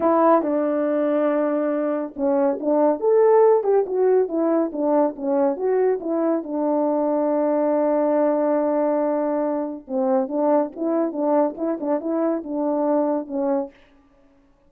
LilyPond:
\new Staff \with { instrumentName = "horn" } { \time 4/4 \tempo 4 = 140 e'4 d'2.~ | d'4 cis'4 d'4 a'4~ | a'8 g'8 fis'4 e'4 d'4 | cis'4 fis'4 e'4 d'4~ |
d'1~ | d'2. c'4 | d'4 e'4 d'4 e'8 d'8 | e'4 d'2 cis'4 | }